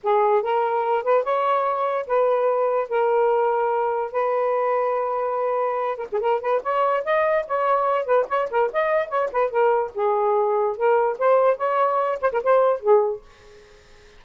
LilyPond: \new Staff \with { instrumentName = "saxophone" } { \time 4/4 \tempo 4 = 145 gis'4 ais'4. b'8 cis''4~ | cis''4 b'2 ais'4~ | ais'2 b'2~ | b'2~ b'8 ais'16 gis'16 ais'8 b'8 |
cis''4 dis''4 cis''4. b'8 | cis''8 ais'8 dis''4 cis''8 b'8 ais'4 | gis'2 ais'4 c''4 | cis''4. c''16 ais'16 c''4 gis'4 | }